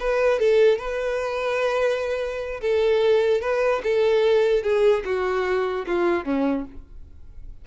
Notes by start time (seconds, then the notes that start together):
0.00 B4
0.39 A4
0.78 B4
2.61 A4
3.41 B4
3.83 A4
4.63 G#4
5.05 F#4
5.87 F4
6.25 C#4